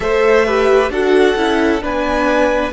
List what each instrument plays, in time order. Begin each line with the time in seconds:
0.00 cello A3, viola A4, violin C5 E5
0.45 viola G4, violin B4
0.89 cello D4, viola F#4, violin A4 F#5
1.35 cello C#4, viola E4
1.81 cello B3, viola D4, violin B4 G#5